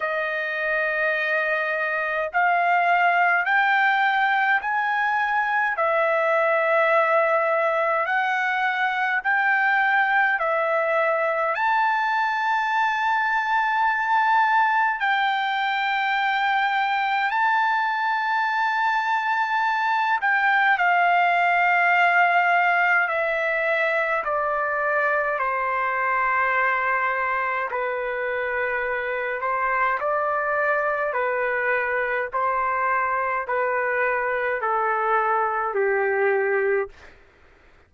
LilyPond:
\new Staff \with { instrumentName = "trumpet" } { \time 4/4 \tempo 4 = 52 dis''2 f''4 g''4 | gis''4 e''2 fis''4 | g''4 e''4 a''2~ | a''4 g''2 a''4~ |
a''4. g''8 f''2 | e''4 d''4 c''2 | b'4. c''8 d''4 b'4 | c''4 b'4 a'4 g'4 | }